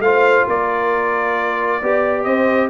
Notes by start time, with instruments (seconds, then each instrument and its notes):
0.00 tuba A3, trombone F4, horn C5, trumpet F5
0.48 tuba A#3, horn A#4, trumpet D5
1.82 tuba B3, trombone G4, horn D5
2.24 tuba C4, horn C5, trumpet D#5